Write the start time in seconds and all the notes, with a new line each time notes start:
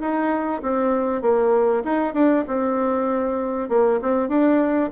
0.00 D#4
0.62 C4
1.22 A#3
1.84 D#4
2.13 D4
2.47 C4
3.69 A#3
4.02 C4
4.28 D4